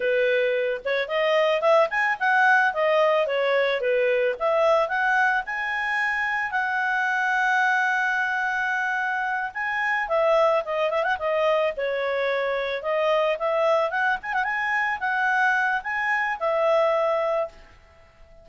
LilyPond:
\new Staff \with { instrumentName = "clarinet" } { \time 4/4 \tempo 4 = 110 b'4. cis''8 dis''4 e''8 gis''8 | fis''4 dis''4 cis''4 b'4 | e''4 fis''4 gis''2 | fis''1~ |
fis''4. gis''4 e''4 dis''8 | e''16 fis''16 dis''4 cis''2 dis''8~ | dis''8 e''4 fis''8 gis''16 fis''16 gis''4 fis''8~ | fis''4 gis''4 e''2 | }